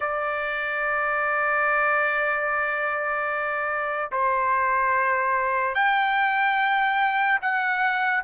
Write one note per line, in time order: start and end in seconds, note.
0.00 4.11 D5
4.11 5.74 C5
5.74 7.39 G5
7.41 8.23 F#5